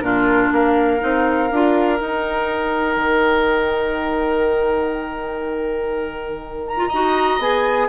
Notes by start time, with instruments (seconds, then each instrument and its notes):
0.00 bassoon A#2, clarinet D4, oboe F4, flute A#4
0.52 bassoon A#3, oboe A#4, flute F5
1.00 bassoon C4, clarinet D#4
1.51 bassoon D4, clarinet F4
1.98 clarinet D#4, bassoon D#4, flute G5
2.96 bassoon D#3
6.67 flute A#5
6.77 clarinet F4
6.88 bassoon D#4, clarinet F#4, oboe D#5
7.39 bassoon B3, clarinet G#4, flute G#5